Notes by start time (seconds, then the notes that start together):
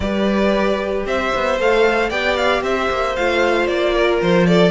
0.00 G3 G4 B4 D5
1.05 C4 C5 E5
1.34 B3
1.59 A3 A4 F5
2.09 B3 G4 D5 G5
2.36 F5
2.62 C4 C5 E5
2.90 A#3
3.15 A3 F4 F5
3.66 A#3 D5
3.94 A#4
4.21 F3 C5
4.46 A4 D5